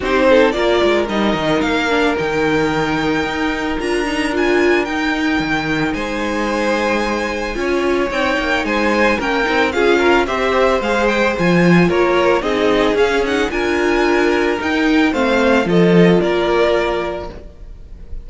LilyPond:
<<
  \new Staff \with { instrumentName = "violin" } { \time 4/4 \tempo 4 = 111 c''4 d''4 dis''4 f''4 | g''2. ais''4 | gis''4 g''2 gis''4~ | gis''2. g''4 |
gis''4 g''4 f''4 e''4 | f''8 g''8 gis''4 cis''4 dis''4 | f''8 fis''8 gis''2 g''4 | f''4 dis''4 d''2 | }
  \new Staff \with { instrumentName = "violin" } { \time 4/4 g'8 a'8 ais'2.~ | ais'1~ | ais'2. c''4~ | c''2 cis''2 |
c''4 ais'4 gis'8 ais'8 c''4~ | c''2 ais'4 gis'4~ | gis'4 ais'2. | c''4 a'4 ais'2 | }
  \new Staff \with { instrumentName = "viola" } { \time 4/4 dis'4 f'4 dis'4. d'8 | dis'2. f'8 dis'8 | f'4 dis'2.~ | dis'2 f'4 dis'4~ |
dis'4 cis'8 dis'8 f'4 g'4 | gis'4 f'2 dis'4 | cis'8 dis'8 f'2 dis'4 | c'4 f'2. | }
  \new Staff \with { instrumentName = "cello" } { \time 4/4 c'4 ais8 gis8 g8 dis8 ais4 | dis2 dis'4 d'4~ | d'4 dis'4 dis4 gis4~ | gis2 cis'4 c'8 ais8 |
gis4 ais8 c'8 cis'4 c'4 | gis4 f4 ais4 c'4 | cis'4 d'2 dis'4 | a4 f4 ais2 | }
>>